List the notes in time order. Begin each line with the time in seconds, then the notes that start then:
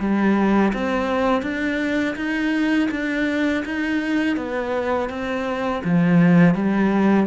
0.00 G3
0.74 C4
1.43 D4
2.16 D#4
2.91 D4
3.65 D#4
4.37 B3
5.10 C4
5.84 F3
6.55 G3